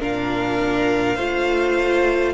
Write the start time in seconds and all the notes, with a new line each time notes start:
0.00 A#2 D4 A#4 F5
1.16 A3 F4 C5